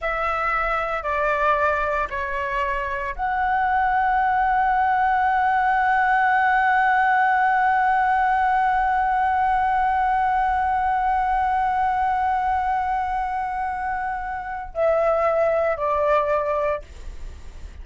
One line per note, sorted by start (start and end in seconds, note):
0.01 1.02 E5
1.02 2.08 D5
2.10 3.15 C#5
3.15 14.73 F#5
14.74 15.77 E5
15.77 16.82 D5